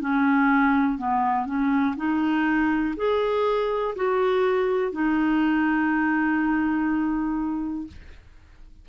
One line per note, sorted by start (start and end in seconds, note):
0.00 0.98 C#4
0.98 1.46 B3
1.46 1.95 C#4
1.96 2.95 D#4
2.96 3.95 G#4
3.95 4.92 F#4
4.92 7.87 D#4